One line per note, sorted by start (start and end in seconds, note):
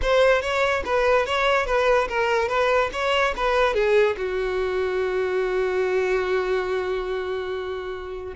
0.02 0.41 C5
0.41 0.83 C#5
0.85 1.26 B4
1.26 1.66 C#5
1.66 2.07 B4
2.08 2.48 A#4
2.48 2.90 B4
2.92 3.34 C#5
3.36 3.74 B4
3.74 4.16 G#4
4.17 8.34 F#4